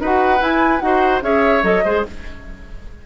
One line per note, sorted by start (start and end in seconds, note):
0.00 0.40 D#4
0.00 0.38 F#4
0.00 0.82 B4
0.00 0.43 F#5
0.38 0.79 E4
0.38 0.81 E4
0.38 0.79 G#5
0.79 1.21 D#4
0.79 1.21 F#4
0.79 1.20 F#5
0.86 1.23 C5
1.21 1.62 C#4
1.21 1.62 G#4
1.21 1.84 C#5
1.21 1.64 E5
1.62 1.83 F#3
1.62 1.83 A4
1.62 2.05 D#5
1.84 2.05 G#3
1.84 2.06 G#4
1.84 2.05 C5